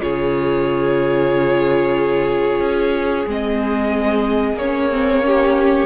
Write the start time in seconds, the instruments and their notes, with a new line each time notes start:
0.00 cello C#3, viola F4, violin G#4 C#5
2.60 cello C#4
3.26 cello G#3, viola C4, violin D#5
4.53 cello A#3, violin C#5
4.61 viola C#4
4.92 viola C4
5.22 viola C#4, violin G4